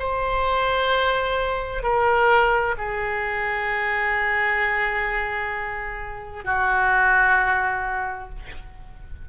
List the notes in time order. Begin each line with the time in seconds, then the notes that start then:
0.00 C5
1.83 A#4
2.78 G#4
6.45 F#4